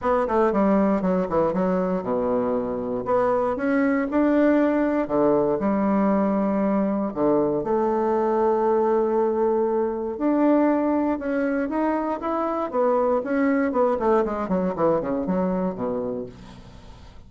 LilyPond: \new Staff \with { instrumentName = "bassoon" } { \time 4/4 \tempo 4 = 118 b8 a8 g4 fis8 e8 fis4 | b,2 b4 cis'4 | d'2 d4 g4~ | g2 d4 a4~ |
a1 | d'2 cis'4 dis'4 | e'4 b4 cis'4 b8 a8 | gis8 fis8 e8 cis8 fis4 b,4 | }